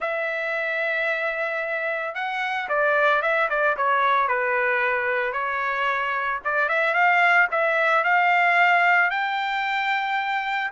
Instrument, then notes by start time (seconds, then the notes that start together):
trumpet
0.00 E5
2.14 F#5
2.69 D5
3.21 E5
3.49 D5
3.76 C#5
4.28 B4
5.33 C#5
6.44 D5
6.68 E5
6.94 F5
7.51 E5
8.04 F5
9.10 G5